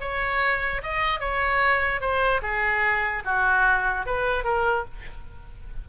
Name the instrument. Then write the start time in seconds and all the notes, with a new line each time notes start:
oboe
0.00 C#5
0.82 D#5
1.20 C#5
2.00 C5
2.42 G#4
3.25 F#4
4.06 B4
4.44 A#4